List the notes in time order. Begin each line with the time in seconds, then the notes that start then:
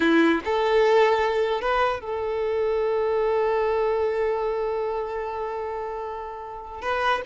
0.00 E4
0.44 A4
1.61 B4
2.00 A4
6.81 B4